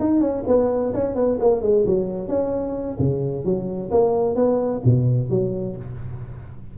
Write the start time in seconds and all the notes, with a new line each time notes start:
0.00 D#4
0.20 C#4
0.47 B3
0.94 C#4
1.15 B3
1.40 A#3
1.62 G#3
1.86 F#3
2.28 C#4
2.99 C#3
3.44 F#3
3.91 A#3
4.35 B3
4.84 B2
5.30 F#3